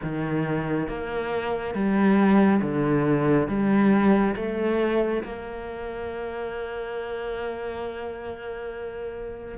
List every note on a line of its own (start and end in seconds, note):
0.02 0.88 D#3
0.88 1.74 A#3
1.74 2.61 G3
2.62 3.48 D3
3.48 4.35 G3
4.36 5.23 A3
5.23 9.57 A#3